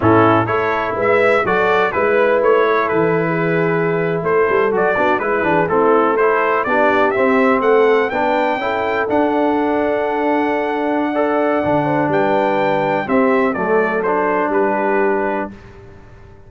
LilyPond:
<<
  \new Staff \with { instrumentName = "trumpet" } { \time 4/4 \tempo 4 = 124 a'4 cis''4 e''4 d''4 | b'4 cis''4 b'2~ | b'8. c''4 d''4 b'4 a'16~ | a'8. c''4 d''4 e''4 fis''16~ |
fis''8. g''2 fis''4~ fis''16~ | fis''1~ | fis''4 g''2 e''4 | d''4 c''4 b'2 | }
  \new Staff \with { instrumentName = "horn" } { \time 4/4 e'4 a'4 b'4 a'4 | b'4. a'4~ a'16 gis'4~ gis'16~ | gis'8. a'4. fis'8 e'8 gis'8 e'16~ | e'8. a'4 g'2 a'16~ |
a'8. b'4 a'2~ a'16~ | a'2. d''4~ | d''8 c''8 b'2 g'4 | a'2 g'2 | }
  \new Staff \with { instrumentName = "trombone" } { \time 4/4 cis'4 e'2 fis'4 | e'1~ | e'4.~ e'16 fis'8 d'8 e'8 d'8 c'16~ | c'8. e'4 d'4 c'4~ c'16~ |
c'8. d'4 e'4 d'4~ d'16~ | d'2. a'4 | d'2. c'4 | a4 d'2. | }
  \new Staff \with { instrumentName = "tuba" } { \time 4/4 a,4 a4 gis4 fis4 | gis4 a4 e2~ | e8. a8 g8 fis8 b8 gis8 e8 a16~ | a4.~ a16 b4 c'4 a16~ |
a8. b4 cis'4 d'4~ d'16~ | d'1 | d4 g2 c'4 | fis2 g2 | }
>>